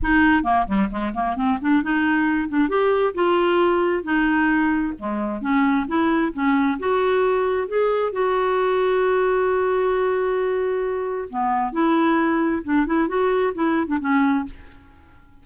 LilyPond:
\new Staff \with { instrumentName = "clarinet" } { \time 4/4 \tempo 4 = 133 dis'4 ais8 g8 gis8 ais8 c'8 d'8 | dis'4. d'8 g'4 f'4~ | f'4 dis'2 gis4 | cis'4 e'4 cis'4 fis'4~ |
fis'4 gis'4 fis'2~ | fis'1~ | fis'4 b4 e'2 | d'8 e'8 fis'4 e'8. d'16 cis'4 | }